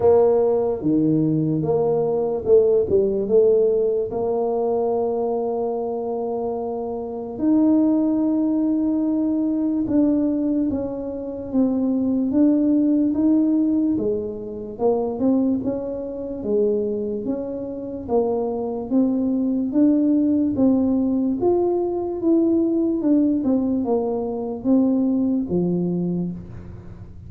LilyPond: \new Staff \with { instrumentName = "tuba" } { \time 4/4 \tempo 4 = 73 ais4 dis4 ais4 a8 g8 | a4 ais2.~ | ais4 dis'2. | d'4 cis'4 c'4 d'4 |
dis'4 gis4 ais8 c'8 cis'4 | gis4 cis'4 ais4 c'4 | d'4 c'4 f'4 e'4 | d'8 c'8 ais4 c'4 f4 | }